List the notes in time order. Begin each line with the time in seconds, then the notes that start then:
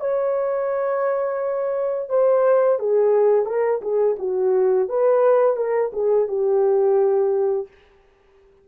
0.00 C#5
2.09 C5
2.79 G#4
3.46 A#4
3.82 G#4
4.19 F#4
4.89 B4
5.57 A#4
5.93 G#4
6.28 G4